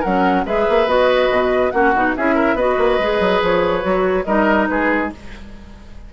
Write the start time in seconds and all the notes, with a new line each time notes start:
0.00 F#3 A#4 F#5
0.07 C#4
0.46 G#3 G#4 B4 E5
0.69 A#3
0.87 B3 F#4 D#5
1.31 B2
1.71 A#3 C#4 F#4 F#5
1.95 B2 D#4
2.17 C#4 E4 G#4 E5
2.35 A#4
2.55 B3 F#4 B4 D#5
2.78 A#3
2.99 G#3 G#4
3.20 F#3
3.43 F3 C#5
3.82 F#3 F#4
4.25 G3 D#4 A#4 D#5
4.68 G#3 G#4 B4